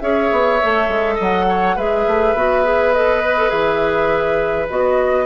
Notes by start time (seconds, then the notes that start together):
0.00 C#4 G#4 C#5 E5
0.32 B3
0.63 A3 A4
0.88 G#3
1.15 F#3 D#5
1.21 F#5
1.49 C#5
1.76 G#3 G#4 B4 E5
2.07 A3
2.34 B3 F#4
2.64 G#4
2.94 A4 D#5
3.22 B4
3.37 A4
3.49 E3 G#4 E5
4.70 B3 F#4 D#5